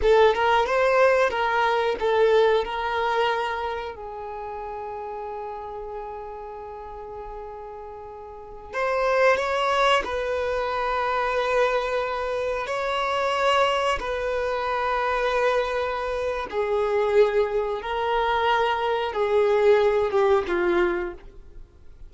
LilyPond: \new Staff \with { instrumentName = "violin" } { \time 4/4 \tempo 4 = 91 a'8 ais'8 c''4 ais'4 a'4 | ais'2 gis'2~ | gis'1~ | gis'4~ gis'16 c''4 cis''4 b'8.~ |
b'2.~ b'16 cis''8.~ | cis''4~ cis''16 b'2~ b'8.~ | b'4 gis'2 ais'4~ | ais'4 gis'4. g'8 f'4 | }